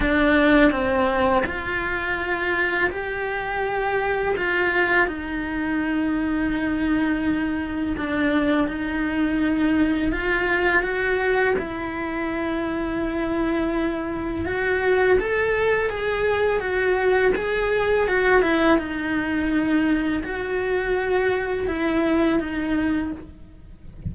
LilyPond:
\new Staff \with { instrumentName = "cello" } { \time 4/4 \tempo 4 = 83 d'4 c'4 f'2 | g'2 f'4 dis'4~ | dis'2. d'4 | dis'2 f'4 fis'4 |
e'1 | fis'4 a'4 gis'4 fis'4 | gis'4 fis'8 e'8 dis'2 | fis'2 e'4 dis'4 | }